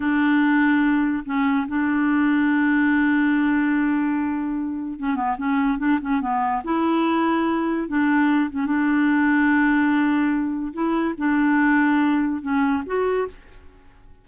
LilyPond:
\new Staff \with { instrumentName = "clarinet" } { \time 4/4 \tempo 4 = 145 d'2. cis'4 | d'1~ | d'1 | cis'8 b8 cis'4 d'8 cis'8 b4 |
e'2. d'4~ | d'8 cis'8 d'2.~ | d'2 e'4 d'4~ | d'2 cis'4 fis'4 | }